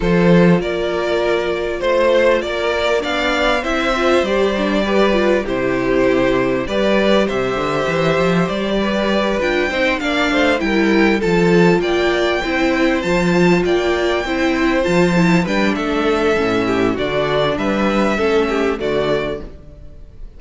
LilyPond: <<
  \new Staff \with { instrumentName = "violin" } { \time 4/4 \tempo 4 = 99 c''4 d''2 c''4 | d''4 f''4 e''4 d''4~ | d''4 c''2 d''4 | e''2 d''4. g''8~ |
g''8 f''4 g''4 a''4 g''8~ | g''4. a''4 g''4.~ | g''8 a''4 g''8 e''2 | d''4 e''2 d''4 | }
  \new Staff \with { instrumentName = "violin" } { \time 4/4 a'4 ais'2 c''4 | ais'4 d''4 c''2 | b'4 g'2 b'4 | c''2~ c''8 b'4. |
c''8 d''8 c''8 ais'4 a'4 d''8~ | d''8 c''2 d''4 c''8~ | c''4. b'8 a'4. g'8 | fis'4 b'4 a'8 g'8 fis'4 | }
  \new Staff \with { instrumentName = "viola" } { \time 4/4 f'1~ | f'4 d'4 e'8 f'8 g'8 d'8 | g'8 f'8 e'2 g'4~ | g'2.~ g'8 f'8 |
dis'8 d'4 e'4 f'4.~ | f'8 e'4 f'2 e'8~ | e'8 f'8 e'8 d'4. cis'4 | d'2 cis'4 a4 | }
  \new Staff \with { instrumentName = "cello" } { \time 4/4 f4 ais2 a4 | ais4 b4 c'4 g4~ | g4 c2 g4 | c8 d8 e8 f8 g4. d'8 |
c'8 ais8 a8 g4 f4 ais8~ | ais8 c'4 f4 ais4 c'8~ | c'8 f4 g8 a4 a,4 | d4 g4 a4 d4 | }
>>